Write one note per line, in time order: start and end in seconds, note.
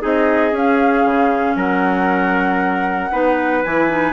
0.00 0.52 C4
0.00 0.52 D#4
0.00 1.56 G#4
0.00 0.56 D#5
0.52 1.04 C#4
0.52 3.12 C#4
0.52 1.58 F5
1.05 1.55 C#3
1.55 3.10 F#3
1.55 3.11 A#4
1.55 3.64 F#5
3.12 3.64 B3
3.12 3.63 D#4
3.12 4.13 B4
3.64 4.13 E3
3.64 3.89 E4
3.64 4.13 G#5
3.89 4.13 D#4